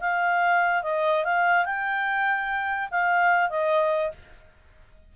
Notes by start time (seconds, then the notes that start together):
0.00 F5
0.83 D#5
1.24 F5
1.65 G5
2.91 F5
3.49 D#5